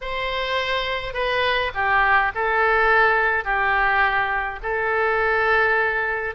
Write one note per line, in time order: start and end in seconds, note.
0.01 1.13 C5
1.13 1.71 B4
1.74 2.32 G4
2.34 3.44 A4
3.44 4.59 G4
4.62 6.35 A4